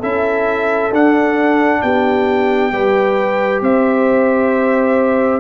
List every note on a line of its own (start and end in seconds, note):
0.00 0.92 C#4
0.00 0.92 E4
0.00 1.79 A4
0.00 0.93 E5
0.92 1.82 D4
0.92 2.73 D4
0.92 1.82 F#5
1.82 2.73 B3
1.82 2.73 G4
1.82 3.62 G5
2.73 3.62 G3
2.73 5.40 G4
2.73 3.63 B4
3.62 5.40 C4
3.62 5.40 C5
3.62 5.40 E5